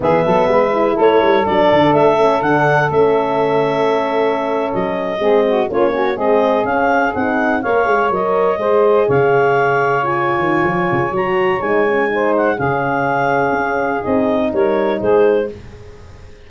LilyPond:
<<
  \new Staff \with { instrumentName = "clarinet" } { \time 4/4 \tempo 4 = 124 e''2 cis''4 d''4 | e''4 fis''4 e''2~ | e''4.~ e''16 dis''2 cis''16~ | cis''8. dis''4 f''4 fis''4 f''16~ |
f''8. dis''2 f''4~ f''16~ | f''8. gis''2~ gis''16 ais''4 | gis''4. fis''8 f''2~ | f''4 dis''4 cis''4 c''4 | }
  \new Staff \with { instrumentName = "saxophone" } { \time 4/4 gis'8 a'8 b'4 a'2~ | a'1~ | a'2~ a'8. gis'8 fis'8 f'16~ | f'16 cis'8 gis'2. cis''16~ |
cis''4.~ cis''16 c''4 cis''4~ cis''16~ | cis''1~ | cis''4 c''4 gis'2~ | gis'2 ais'4 gis'4 | }
  \new Staff \with { instrumentName = "horn" } { \time 4/4 b4. e'4. d'4~ | d'8 cis'8 d'4 cis'2~ | cis'2~ cis'8. c'4 cis'16~ | cis'16 fis'8 c'4 cis'4 dis'4 ais'16~ |
ais'16 gis'8 ais'4 gis'2~ gis'16~ | gis'8. f'2~ f'16 fis'4 | dis'8 cis'8 dis'4 cis'2~ | cis'4 dis'2. | }
  \new Staff \with { instrumentName = "tuba" } { \time 4/4 e8 fis8 gis4 a8 g8 fis8 d8 | a4 d4 a2~ | a4.~ a16 fis4 gis4 ais16~ | ais8. gis4 cis'4 c'4 ais16~ |
ais16 gis8 fis4 gis4 cis4~ cis16~ | cis4. dis8 f8 cis8 fis4 | gis2 cis2 | cis'4 c'4 g4 gis4 | }
>>